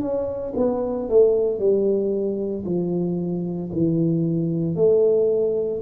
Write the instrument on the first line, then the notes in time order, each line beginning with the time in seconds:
tuba
0.00 C#4
0.56 B3
1.09 A3
1.59 G3
2.65 F3
3.72 E3
4.75 A3